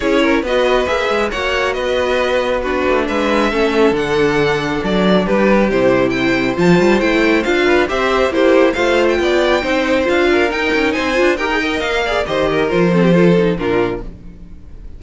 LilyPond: <<
  \new Staff \with { instrumentName = "violin" } { \time 4/4 \tempo 4 = 137 cis''4 dis''4 e''4 fis''4 | dis''2 b'4 e''4~ | e''4 fis''2 d''4 | b'4 c''4 g''4 a''4 |
g''4 f''4 e''4 c''4 | f''8. g''2~ g''16 f''4 | g''4 gis''4 g''4 f''4 | dis''4 c''2 ais'4 | }
  \new Staff \with { instrumentName = "violin" } { \time 4/4 gis'8 ais'8 b'2 cis''4 | b'2 fis'4 b'4 | a'1 | g'2 c''2~ |
c''4. b'8 c''4 g'4 | c''4 d''4 c''4. ais'8~ | ais'4 c''4 ais'8 dis''4 d''8 | c''8 ais'4 a'16 g'16 a'4 f'4 | }
  \new Staff \with { instrumentName = "viola" } { \time 4/4 e'4 fis'4 gis'4 fis'4~ | fis'2 d'2 | cis'4 d'2.~ | d'4 e'2 f'4 |
e'4 f'4 g'4 e'4 | f'2 dis'4 f'4 | dis'4. f'8 g'16 gis'16 ais'4 gis'8 | g'4 f'8 c'8 f'8 dis'8 d'4 | }
  \new Staff \with { instrumentName = "cello" } { \time 4/4 cis'4 b4 ais8 gis8 ais4 | b2~ b8 a8 gis4 | a4 d2 fis4 | g4 c2 f8 g8 |
a4 d'4 c'4 ais4 | a4 b4 c'4 d'4 | dis'8 cis'8 c'8 d'8 dis'4 ais4 | dis4 f2 ais,4 | }
>>